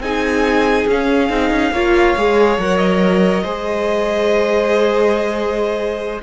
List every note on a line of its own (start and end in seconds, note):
0.00 0.86 C4
0.00 0.89 D#4
0.00 1.73 G#4
0.00 0.88 G#5
0.87 1.30 C#4
0.87 2.60 F5
1.30 1.51 C4
1.30 1.73 D#4
1.51 1.72 C#4
1.72 2.15 A#3
1.72 2.18 F4
1.72 3.44 C#5
2.18 2.58 G#3
2.18 2.60 G#4
2.58 3.44 F#3
2.58 3.45 A#4
2.58 2.78 F#5
2.78 6.21 D#5
3.44 6.23 G#3
3.44 6.23 G#4
3.44 6.22 C5